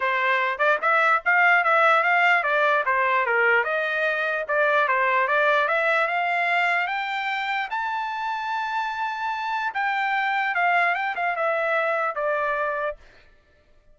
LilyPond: \new Staff \with { instrumentName = "trumpet" } { \time 4/4 \tempo 4 = 148 c''4. d''8 e''4 f''4 | e''4 f''4 d''4 c''4 | ais'4 dis''2 d''4 | c''4 d''4 e''4 f''4~ |
f''4 g''2 a''4~ | a''1 | g''2 f''4 g''8 f''8 | e''2 d''2 | }